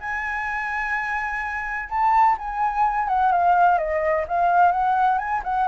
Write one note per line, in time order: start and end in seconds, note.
0.00 1.89 G#5
1.89 2.37 A5
2.38 3.08 G#5
3.08 3.32 F#5
3.32 3.78 F5
3.78 4.26 D#5
4.28 4.72 F5
4.72 5.18 F#5
5.18 5.42 G#5
5.44 5.68 F#5